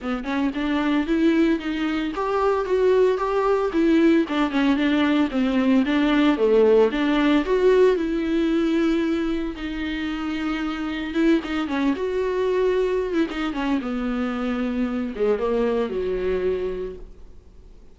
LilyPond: \new Staff \with { instrumentName = "viola" } { \time 4/4 \tempo 4 = 113 b8 cis'8 d'4 e'4 dis'4 | g'4 fis'4 g'4 e'4 | d'8 cis'8 d'4 c'4 d'4 | a4 d'4 fis'4 e'4~ |
e'2 dis'2~ | dis'4 e'8 dis'8 cis'8 fis'4.~ | fis'8. e'16 dis'8 cis'8 b2~ | b8 gis8 ais4 fis2 | }